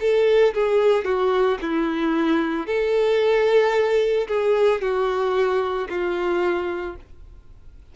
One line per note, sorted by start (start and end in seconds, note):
0.00 0.54 A4
0.54 1.04 G#4
1.04 1.58 F#4
1.62 2.67 E4
2.67 4.28 A4
4.28 4.81 G#4
4.81 5.88 F#4
5.89 6.96 F4